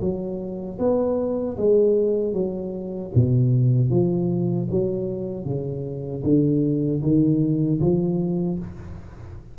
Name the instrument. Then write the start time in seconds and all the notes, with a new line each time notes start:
tuba
0.00 F#3
0.78 B3
1.57 G#3
2.33 F#3
3.14 B2
3.90 F3
4.70 F#3
5.44 C#3
6.23 D3
7.02 D#3
7.80 F3